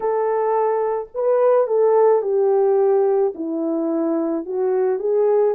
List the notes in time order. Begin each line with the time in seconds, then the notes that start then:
0.00 A4
1.14 B4
1.67 A4
2.22 G4
3.34 E4
4.45 F#4
4.99 G#4